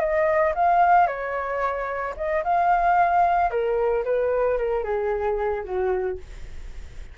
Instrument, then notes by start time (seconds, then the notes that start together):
flute
0.00 D#5
0.55 F5
1.07 C#5
2.17 D#5
2.44 F5
3.51 A#4
4.05 B4
4.58 A#4
4.84 G#4
5.64 F#4